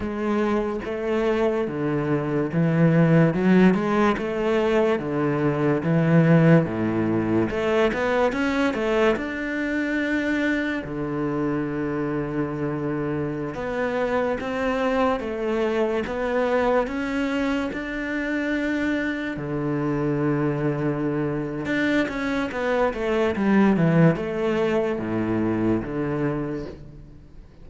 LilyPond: \new Staff \with { instrumentName = "cello" } { \time 4/4 \tempo 4 = 72 gis4 a4 d4 e4 | fis8 gis8 a4 d4 e4 | a,4 a8 b8 cis'8 a8 d'4~ | d'4 d2.~ |
d16 b4 c'4 a4 b8.~ | b16 cis'4 d'2 d8.~ | d2 d'8 cis'8 b8 a8 | g8 e8 a4 a,4 d4 | }